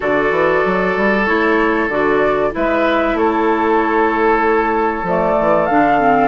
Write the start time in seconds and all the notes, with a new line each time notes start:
0.00 D3 F#4 A4 D5
0.30 E3
0.65 F#3
0.96 G3
1.25 A3 E4 C#5
1.87 D3 F#4 D5
2.51 G#3 E4 B4 E5
3.13 A3 A4 C#5
5.03 F3 A3 D5
5.39 E3
5.66 D3 D4 F5
5.99 C4